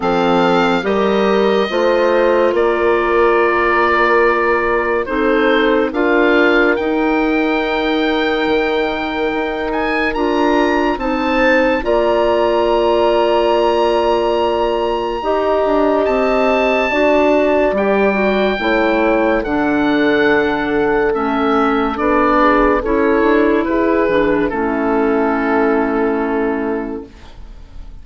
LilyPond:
<<
  \new Staff \with { instrumentName = "oboe" } { \time 4/4 \tempo 4 = 71 f''4 dis''2 d''4~ | d''2 c''4 f''4 | g''2.~ g''8 gis''8 | ais''4 a''4 ais''2~ |
ais''2. a''4~ | a''4 g''2 fis''4~ | fis''4 e''4 d''4 cis''4 | b'4 a'2. | }
  \new Staff \with { instrumentName = "horn" } { \time 4/4 a'4 ais'4 c''4 ais'4~ | ais'2 a'4 ais'4~ | ais'1~ | ais'4 c''4 d''2~ |
d''2 dis''2 | d''2 cis''4 a'4~ | a'2~ a'8 gis'8 a'4 | gis'4 e'2. | }
  \new Staff \with { instrumentName = "clarinet" } { \time 4/4 c'4 g'4 f'2~ | f'2 dis'4 f'4 | dis'1 | f'4 dis'4 f'2~ |
f'2 g'2 | fis'4 g'8 fis'8 e'4 d'4~ | d'4 cis'4 d'4 e'4~ | e'8 d'8 cis'2. | }
  \new Staff \with { instrumentName = "bassoon" } { \time 4/4 f4 g4 a4 ais4~ | ais2 c'4 d'4 | dis'2 dis4 dis'4 | d'4 c'4 ais2~ |
ais2 dis'8 d'8 c'4 | d'4 g4 a4 d4~ | d4 a4 b4 cis'8 d'8 | e'8 e8 a2. | }
>>